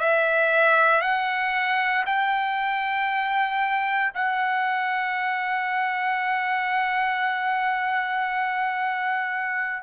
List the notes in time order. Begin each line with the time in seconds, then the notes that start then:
0.00 E5
1.02 F#5
2.06 G5
4.15 F#5